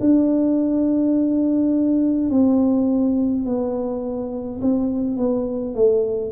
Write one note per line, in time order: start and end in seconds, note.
0.00 2.30 D4
2.30 3.46 C4
3.46 4.61 B3
4.62 5.17 C4
5.17 5.75 B3
5.75 6.32 A3